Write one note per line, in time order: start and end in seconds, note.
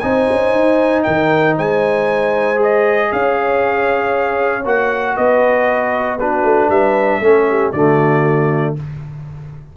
0.00 0.29 C4
0.00 2.56 D#4
0.00 1.05 C5
0.00 1.03 G#5
0.31 0.55 C#4
0.55 1.06 D#4
1.04 1.58 D#3
1.04 1.56 A#4
1.04 1.55 G5
1.57 3.12 G#3
1.57 3.11 C5
1.57 2.61 G#5
2.56 4.61 G#4
2.63 3.13 D#5
3.12 4.66 C#4
3.12 5.16 C#5
3.12 4.66 F5
4.66 5.17 A#3
4.66 6.19 F#4
4.66 5.17 F#5
5.16 6.44 B3
5.16 6.19 B4
5.16 6.19 D#5
6.19 7.23 D4
6.19 6.69 F#4
6.19 6.70 B4
6.44 6.69 A3
6.69 7.21 G3
6.69 7.20 B4
6.69 7.73 E5
7.20 7.73 A3
7.20 7.74 C#4
7.20 7.46 A4
7.50 7.72 G4
7.72 8.76 D3
7.72 8.77 A3
7.72 8.75 F#4
7.72 8.75 D5